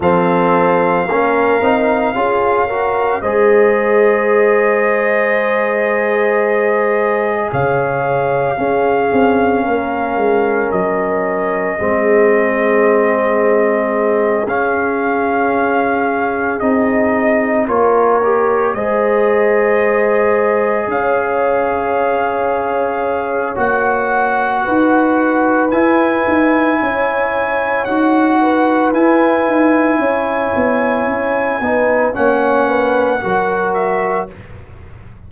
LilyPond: <<
  \new Staff \with { instrumentName = "trumpet" } { \time 4/4 \tempo 4 = 56 f''2. dis''4~ | dis''2. f''4~ | f''2 dis''2~ | dis''4. f''2 dis''8~ |
dis''8 cis''4 dis''2 f''8~ | f''2 fis''2 | gis''2 fis''4 gis''4~ | gis''2 fis''4. e''8 | }
  \new Staff \with { instrumentName = "horn" } { \time 4/4 a'4 ais'4 gis'8 ais'8 c''4~ | c''2. cis''4 | gis'4 ais'2 gis'4~ | gis'1~ |
gis'8 ais'4 c''2 cis''8~ | cis''2. b'4~ | b'4 cis''4. b'4. | cis''4. b'8 cis''8 b'8 ais'4 | }
  \new Staff \with { instrumentName = "trombone" } { \time 4/4 c'4 cis'8 dis'8 f'8 fis'8 gis'4~ | gis'1 | cis'2. c'4~ | c'4. cis'2 dis'8~ |
dis'8 f'8 g'8 gis'2~ gis'8~ | gis'2 fis'2 | e'2 fis'4 e'4~ | e'4. dis'8 cis'4 fis'4 | }
  \new Staff \with { instrumentName = "tuba" } { \time 4/4 f4 ais8 c'8 cis'4 gis4~ | gis2. cis4 | cis'8 c'8 ais8 gis8 fis4 gis4~ | gis4. cis'2 c'8~ |
c'8 ais4 gis2 cis'8~ | cis'2 ais4 dis'4 | e'8 dis'8 cis'4 dis'4 e'8 dis'8 | cis'8 b8 cis'8 b8 ais4 fis4 | }
>>